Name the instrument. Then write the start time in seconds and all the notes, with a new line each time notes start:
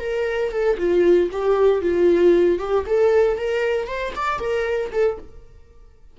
viola
0.00 A#4
0.52 A4
0.78 F4
1.32 G4
1.82 F4
2.59 G4
2.86 A4
3.37 A#4
3.87 C5
4.16 D5
4.39 A#4
4.92 A4